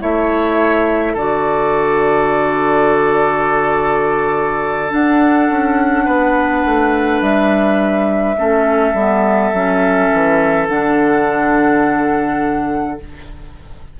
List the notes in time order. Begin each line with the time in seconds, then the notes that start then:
0.00 A3 E4 C#5 E5
1.13 D3 F#4 A4 D5
4.89 D4 F#5
5.50 C#4
6.05 B3 B4
6.65 A3
7.21 G3 E5
8.37 A3 C#4 A4
8.93 G3 B3
9.53 F#3 C#4
10.12 E3
10.68 D3 D4 F#5